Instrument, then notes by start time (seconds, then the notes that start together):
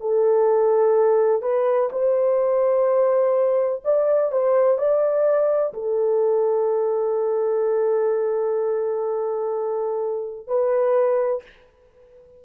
horn
0.00 A4
1.42 B4
1.91 C5
3.84 D5
4.32 C5
4.78 D5
5.73 A4
10.47 B4